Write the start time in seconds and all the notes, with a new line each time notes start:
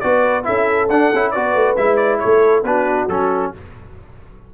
0.00 B3 F#4 B4 D5
0.44 C#4 E4 A4 E5
0.89 D4 F#5
1.14 C#4 E4
1.31 B3 F#4 B4 D5
1.54 A3
1.77 G#3 E4 E5
1.96 D5
2.20 A3 A4 C#5
2.63 B3 D4 F#4 B4
3.08 F#3 C#4 A4